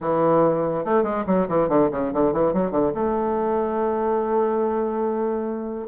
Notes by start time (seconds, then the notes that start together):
0.00 E3
0.84 A3
1.03 G#3
1.26 F#3
1.48 E3
1.68 D3
1.91 C#3
2.13 D3
2.32 E3
2.53 F#3
2.71 D3
2.94 A3